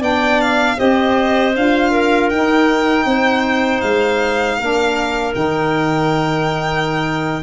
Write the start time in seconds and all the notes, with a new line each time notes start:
0.00 B3 D4 D5 G5
0.41 F5
0.76 C4 G4 C5 D#5
1.55 D4 F4 F5
1.91 A#4
2.29 D#4 G5
3.05 C4 C5
3.81 G#3 F5
4.59 A#3 D4 A#4
5.33 D#3 D#4 G5